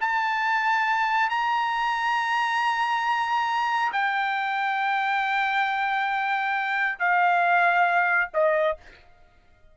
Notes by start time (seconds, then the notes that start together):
0.00 A5
1.29 A#5
3.92 G5
6.99 F5
8.33 D#5